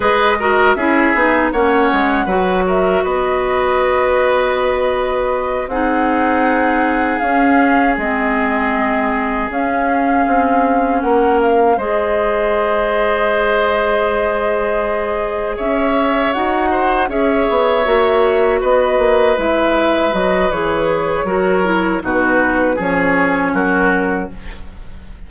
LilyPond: <<
  \new Staff \with { instrumentName = "flute" } { \time 4/4 \tempo 4 = 79 dis''4 e''4 fis''4. e''8 | dis''2.~ dis''8 fis''8~ | fis''4. f''4 dis''4.~ | dis''8 f''2 fis''8 f''8 dis''8~ |
dis''1~ | dis''8 e''4 fis''4 e''4.~ | e''8 dis''4 e''4 dis''8 cis''4~ | cis''4 b'4 cis''4 ais'4 | }
  \new Staff \with { instrumentName = "oboe" } { \time 4/4 b'8 ais'8 gis'4 cis''4 b'8 ais'8 | b'2.~ b'8 gis'8~ | gis'1~ | gis'2~ gis'8 ais'4 c''8~ |
c''1~ | c''8 cis''4. c''8 cis''4.~ | cis''8 b'2.~ b'8 | ais'4 fis'4 gis'4 fis'4 | }
  \new Staff \with { instrumentName = "clarinet" } { \time 4/4 gis'8 fis'8 e'8 dis'8 cis'4 fis'4~ | fis'2.~ fis'8 dis'8~ | dis'4. cis'4 c'4.~ | c'8 cis'2. gis'8~ |
gis'1~ | gis'4. fis'4 gis'4 fis'8~ | fis'4. e'4 fis'8 gis'4 | fis'8 e'8 dis'4 cis'2 | }
  \new Staff \with { instrumentName = "bassoon" } { \time 4/4 gis4 cis'8 b8 ais8 gis8 fis4 | b2.~ b8 c'8~ | c'4. cis'4 gis4.~ | gis8 cis'4 c'4 ais4 gis8~ |
gis1~ | gis8 cis'4 dis'4 cis'8 b8 ais8~ | ais8 b8 ais8 gis4 fis8 e4 | fis4 b,4 f4 fis4 | }
>>